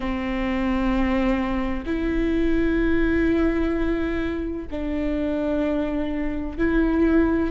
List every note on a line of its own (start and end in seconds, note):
0.00 1.84 C4
1.85 4.67 E4
4.70 6.58 D4
6.58 7.50 E4